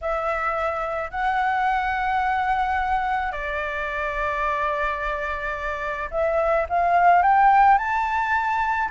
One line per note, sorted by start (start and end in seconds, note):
0.01 1.10 E5
1.10 3.32 F#5
3.32 6.09 D5
6.11 6.66 E5
6.69 7.22 F5
7.22 7.78 G5
7.78 8.89 A5